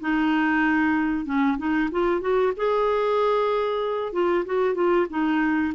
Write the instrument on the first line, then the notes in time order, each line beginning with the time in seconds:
clarinet
0.00 D#4
1.25 C#4
1.58 D#4
1.91 F4
2.21 F#4
2.56 G#4
4.13 F4
4.45 F#4
4.75 F4
5.09 D#4